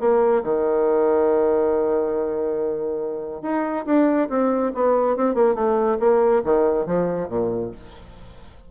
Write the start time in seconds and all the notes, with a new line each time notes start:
0.00 A#3
0.43 D#3
3.42 D#4
3.86 D4
4.29 C4
4.75 B3
5.16 C4
5.35 A#3
5.55 A3
6.00 A#3
6.44 D#3
6.86 F3
7.29 A#2